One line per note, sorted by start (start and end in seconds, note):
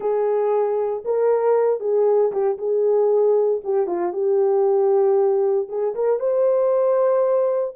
0.00 1.03 G#4
1.05 1.80 A#4
1.80 2.31 G#4
2.31 2.57 G4
2.58 3.61 G#4
3.64 3.87 G4
3.87 4.12 F4
4.12 5.68 G4
5.68 5.94 G#4
5.95 6.19 A#4
6.19 7.74 C5